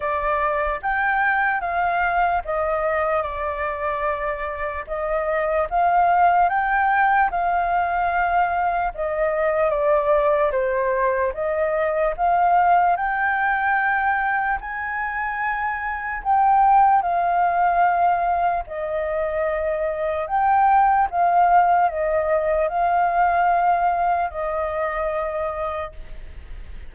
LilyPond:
\new Staff \with { instrumentName = "flute" } { \time 4/4 \tempo 4 = 74 d''4 g''4 f''4 dis''4 | d''2 dis''4 f''4 | g''4 f''2 dis''4 | d''4 c''4 dis''4 f''4 |
g''2 gis''2 | g''4 f''2 dis''4~ | dis''4 g''4 f''4 dis''4 | f''2 dis''2 | }